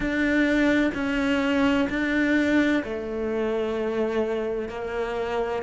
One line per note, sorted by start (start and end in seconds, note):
0.00 0.91 D4
0.94 1.87 C#4
1.89 2.83 D4
2.84 4.69 A3
4.69 5.62 A#3